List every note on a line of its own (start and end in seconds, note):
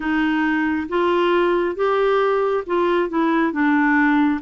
0.00 0.87 D#4
0.88 1.75 F4
1.75 2.64 G4
2.66 3.09 F4
3.09 3.52 E4
3.52 4.40 D4